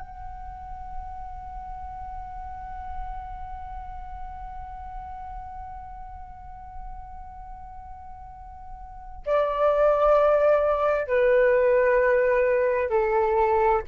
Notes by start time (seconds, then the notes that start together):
0.00 F#5
9.26 D5
11.07 B4
12.89 A4